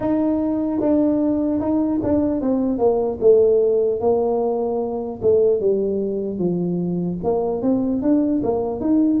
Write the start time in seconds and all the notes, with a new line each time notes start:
0.00 D#4
0.80 D4
1.60 D#4
2.03 D4
2.41 C4
2.78 A#3
3.20 A3
4.00 A#3
5.22 A3
5.60 G3
6.38 F3
7.23 A#3
7.61 C4
8.01 D4
8.43 A#3
8.80 D#4